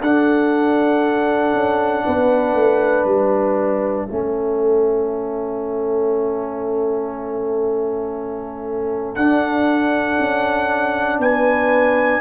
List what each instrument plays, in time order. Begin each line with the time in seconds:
0.00 tuba D4, trombone D4, horn A4, trumpet F#5
1.53 tuba C#4
2.04 tuba B3, horn B4
2.54 tuba A3
3.04 tuba G3, trumpet E5
4.07 tuba A3, trombone C#4, horn A4
9.15 tuba D4, trombone D4, trumpet F#5
10.19 tuba C#4
11.18 tuba B3, horn B4, trumpet G#5